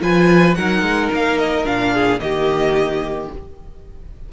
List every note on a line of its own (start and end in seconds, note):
0.00 0.56 F3
0.00 0.55 F4
0.00 0.57 B4
0.00 0.55 G#5
0.55 0.82 F#3
0.55 1.64 D#4
0.55 1.93 A#4
0.55 1.09 F#5
0.82 1.09 G#3
1.13 1.65 A#3
1.13 1.38 F5
1.38 1.65 D#5
1.64 2.19 A#2
1.64 2.19 D4
1.64 2.20 F5
1.93 2.20 G#4
2.19 3.28 D#3
2.19 3.28 A#3
2.19 3.32 G4
2.19 3.29 D#5